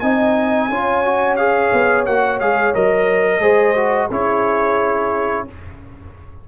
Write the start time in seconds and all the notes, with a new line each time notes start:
0.00 C4 D#4 D#5 G#5
0.69 C#4 F4 C#5
1.05 F#4
1.37 G#4 F5
1.73 B3
2.06 A#3 F#4 F#5
2.40 G#3 G#4 F5
2.75 F#3 A#4 D#5
3.40 G#3 G#4 C5
3.76 F#4
4.09 C#4 E4 G#4 C#5